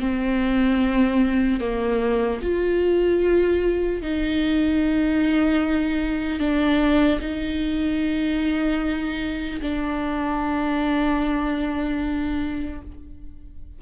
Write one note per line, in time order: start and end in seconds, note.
0.00 1.60 C4
1.60 2.40 A#3
2.42 4.02 F4
4.02 6.39 D#4
6.39 7.19 D4
7.20 9.60 D#4
9.61 12.81 D4